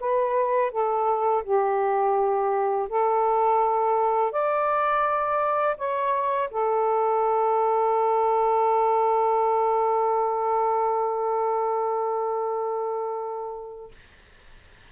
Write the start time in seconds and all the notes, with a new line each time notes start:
0.00 B4
0.71 A4
1.43 G4
2.89 A4
4.31 D5
5.77 C#5
6.50 A4